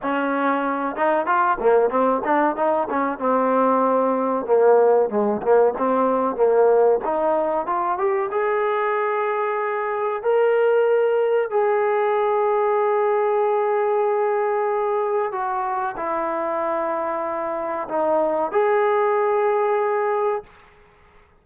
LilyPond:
\new Staff \with { instrumentName = "trombone" } { \time 4/4 \tempo 4 = 94 cis'4. dis'8 f'8 ais8 c'8 d'8 | dis'8 cis'8 c'2 ais4 | gis8 ais8 c'4 ais4 dis'4 | f'8 g'8 gis'2. |
ais'2 gis'2~ | gis'1 | fis'4 e'2. | dis'4 gis'2. | }